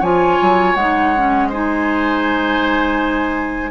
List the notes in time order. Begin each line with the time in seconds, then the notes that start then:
0.00 F3 F4 C#5 G#5
0.41 F#3
0.75 G#3 D#4 F#5
1.16 C#4
1.49 D#4 C5 G#5